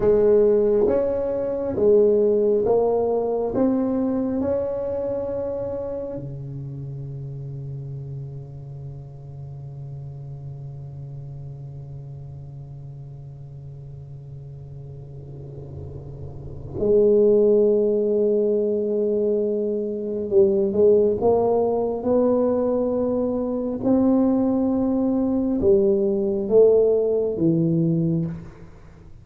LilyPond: \new Staff \with { instrumentName = "tuba" } { \time 4/4 \tempo 4 = 68 gis4 cis'4 gis4 ais4 | c'4 cis'2 cis4~ | cis1~ | cis1~ |
cis2. gis4~ | gis2. g8 gis8 | ais4 b2 c'4~ | c'4 g4 a4 e4 | }